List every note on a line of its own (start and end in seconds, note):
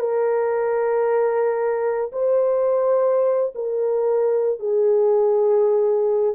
0.00 2.12 A#4
2.13 3.54 C5
3.55 4.59 A#4
4.59 6.36 G#4